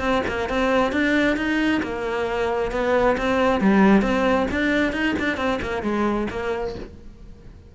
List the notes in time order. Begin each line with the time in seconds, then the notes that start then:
0.00 C4
0.27 A#3
0.49 C4
0.92 D4
1.37 D#4
1.83 A#3
2.72 B3
3.17 C4
3.61 G3
4.02 C4
4.51 D4
4.93 D#4
5.19 D4
5.37 C4
5.62 A#3
5.82 G#3
6.30 A#3